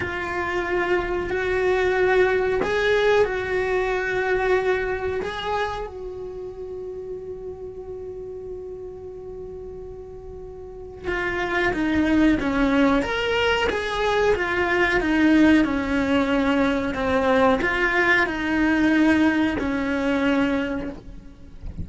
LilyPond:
\new Staff \with { instrumentName = "cello" } { \time 4/4 \tempo 4 = 92 f'2 fis'2 | gis'4 fis'2. | gis'4 fis'2.~ | fis'1~ |
fis'4 f'4 dis'4 cis'4 | ais'4 gis'4 f'4 dis'4 | cis'2 c'4 f'4 | dis'2 cis'2 | }